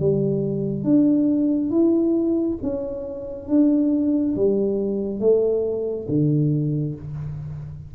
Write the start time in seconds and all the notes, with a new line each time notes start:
0.00 G3
0.84 D4
1.71 E4
2.62 C#4
3.49 D4
4.36 G3
5.20 A3
6.09 D3